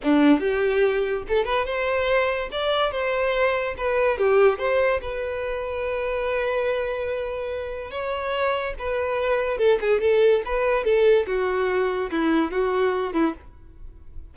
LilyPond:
\new Staff \with { instrumentName = "violin" } { \time 4/4 \tempo 4 = 144 d'4 g'2 a'8 b'8 | c''2 d''4 c''4~ | c''4 b'4 g'4 c''4 | b'1~ |
b'2. cis''4~ | cis''4 b'2 a'8 gis'8 | a'4 b'4 a'4 fis'4~ | fis'4 e'4 fis'4. e'8 | }